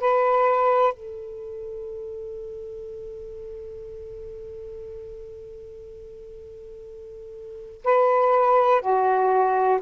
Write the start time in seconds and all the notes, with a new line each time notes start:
0.00 B4
0.93 A4
7.84 B4
8.82 F#4